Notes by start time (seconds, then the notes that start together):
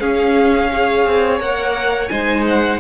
0.00 C#4 G#4 F5
0.73 G#4 C#5
1.06 C4
1.40 A#3 A#4 F#5
2.08 G#3 D#4 C5 G#5
2.48 F#5